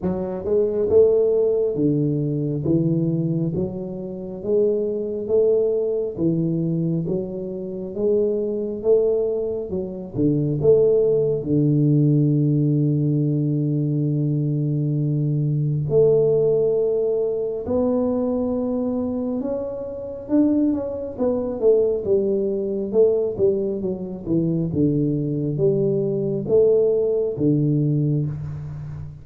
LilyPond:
\new Staff \with { instrumentName = "tuba" } { \time 4/4 \tempo 4 = 68 fis8 gis8 a4 d4 e4 | fis4 gis4 a4 e4 | fis4 gis4 a4 fis8 d8 | a4 d2.~ |
d2 a2 | b2 cis'4 d'8 cis'8 | b8 a8 g4 a8 g8 fis8 e8 | d4 g4 a4 d4 | }